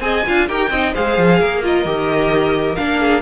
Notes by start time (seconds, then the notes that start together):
0.00 C4 G#4 D#5 G#5
0.26 D4 F4 F5
0.48 D#4 G4 A#4 G5
0.70 C4 D#4 D#5
0.93 G#3 G#4 C5 F5
1.18 F3
1.40 A#3 A#4
1.63 F4 D#5
1.85 D#3 G4
2.75 A#3 D4 F5
2.99 G#4